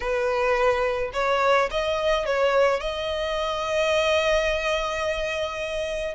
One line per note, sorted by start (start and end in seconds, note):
0.00 1.11 B4
1.13 1.69 C#5
1.70 2.25 D#5
2.25 2.80 C#5
2.80 6.15 D#5